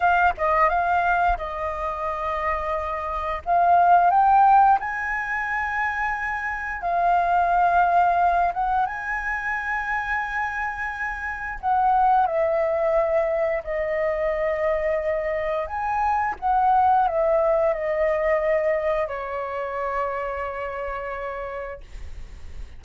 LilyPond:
\new Staff \with { instrumentName = "flute" } { \time 4/4 \tempo 4 = 88 f''8 dis''8 f''4 dis''2~ | dis''4 f''4 g''4 gis''4~ | gis''2 f''2~ | f''8 fis''8 gis''2.~ |
gis''4 fis''4 e''2 | dis''2. gis''4 | fis''4 e''4 dis''2 | cis''1 | }